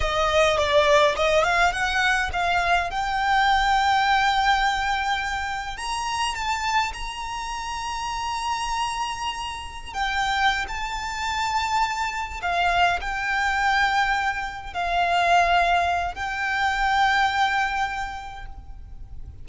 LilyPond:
\new Staff \with { instrumentName = "violin" } { \time 4/4 \tempo 4 = 104 dis''4 d''4 dis''8 f''8 fis''4 | f''4 g''2.~ | g''2 ais''4 a''4 | ais''1~ |
ais''4~ ais''16 g''4~ g''16 a''4.~ | a''4. f''4 g''4.~ | g''4. f''2~ f''8 | g''1 | }